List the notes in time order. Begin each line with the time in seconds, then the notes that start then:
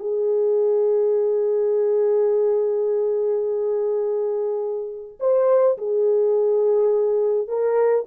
0.00 G#4
5.20 C5
5.78 G#4
7.48 A#4